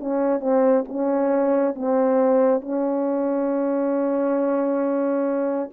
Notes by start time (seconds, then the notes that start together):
0.00 C#4
0.41 C4
0.89 C#4
1.75 C4
2.61 C#4